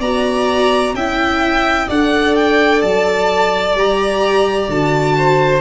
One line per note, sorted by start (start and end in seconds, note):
0.00 0.94 B3
0.00 0.97 F#4
0.00 0.94 D5
0.00 0.95 A#5
0.94 1.88 C#4
0.94 1.91 E4
0.94 1.88 E5
0.94 1.89 G5
1.88 2.83 D4
1.88 3.78 A4
1.88 5.16 D5
1.88 2.36 F#5
2.36 2.82 G5
2.82 3.75 F#3
2.82 3.76 A5
3.75 4.68 G3
3.75 4.70 G4
3.75 4.71 A#5
4.69 5.61 D3
4.69 5.61 F#4
4.69 5.61 A5
5.18 5.61 C5